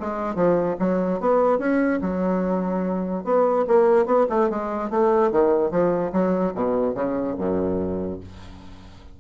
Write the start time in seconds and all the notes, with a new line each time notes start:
0.00 G#3
0.35 F3
0.79 F#3
1.20 B3
1.58 C#4
2.01 F#3
3.24 B3
3.67 A#3
4.06 B3
4.29 A3
4.50 G#3
4.90 A3
5.31 D#3
5.71 F3
6.12 F#3
6.54 B2
6.95 C#3
7.38 F#2